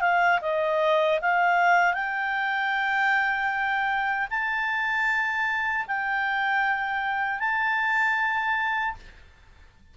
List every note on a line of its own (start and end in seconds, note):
0.00 0.39 F5
0.41 1.19 D#5
1.21 1.93 F5
1.93 4.27 G5
4.30 5.85 A5
5.87 7.39 G5
7.39 8.95 A5